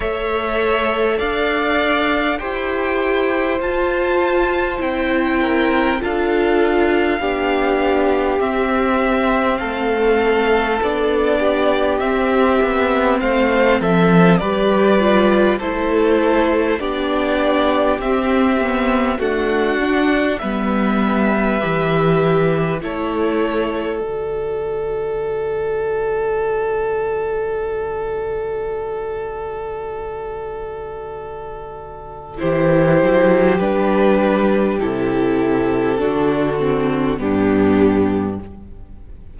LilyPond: <<
  \new Staff \with { instrumentName = "violin" } { \time 4/4 \tempo 4 = 50 e''4 f''4 g''4 a''4 | g''4 f''2 e''4 | f''4 d''4 e''4 f''8 e''8 | d''4 c''4 d''4 e''4 |
fis''4 e''2 cis''4 | d''1~ | d''2. c''4 | b'4 a'2 g'4 | }
  \new Staff \with { instrumentName = "violin" } { \time 4/4 cis''4 d''4 c''2~ | c''8 ais'8 a'4 g'2 | a'4. g'4. c''8 a'8 | b'4 a'4 g'2 |
fis'4 b'2 a'4~ | a'1~ | a'2. g'4~ | g'2 fis'4 d'4 | }
  \new Staff \with { instrumentName = "viola" } { \time 4/4 a'2 g'4 f'4 | e'4 f'4 d'4 c'4~ | c'4 d'4 c'2 | g'8 f'8 e'4 d'4 c'8 b8 |
a8 d'8 b4 g'4 e'4 | fis'1~ | fis'2. e'4 | d'4 e'4 d'8 c'8 b4 | }
  \new Staff \with { instrumentName = "cello" } { \time 4/4 a4 d'4 e'4 f'4 | c'4 d'4 b4 c'4 | a4 b4 c'8 b8 a8 f8 | g4 a4 b4 c'4 |
d'4 g4 e4 a4 | d1~ | d2. e8 fis8 | g4 c4 d4 g,4 | }
>>